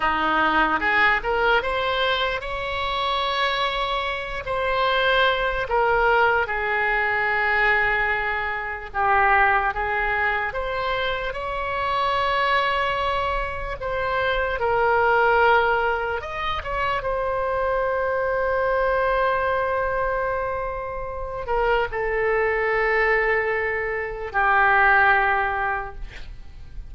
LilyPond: \new Staff \with { instrumentName = "oboe" } { \time 4/4 \tempo 4 = 74 dis'4 gis'8 ais'8 c''4 cis''4~ | cis''4. c''4. ais'4 | gis'2. g'4 | gis'4 c''4 cis''2~ |
cis''4 c''4 ais'2 | dis''8 cis''8 c''2.~ | c''2~ c''8 ais'8 a'4~ | a'2 g'2 | }